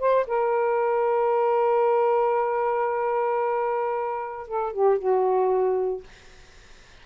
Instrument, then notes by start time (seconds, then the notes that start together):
saxophone
0.00 C5
0.27 A#4
4.48 A4
4.73 G4
4.99 F#4